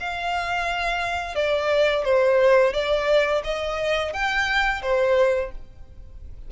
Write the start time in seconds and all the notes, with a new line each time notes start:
0.00 F5
1.35 D5
2.05 C5
2.73 D5
3.44 D#5
4.13 G5
4.82 C5